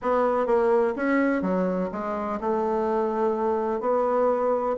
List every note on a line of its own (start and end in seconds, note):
0.02 0.46 B3
0.46 0.94 A#3
0.96 1.42 C#4
1.42 1.89 F#3
1.92 2.39 G#3
2.40 3.80 A3
3.80 4.75 B3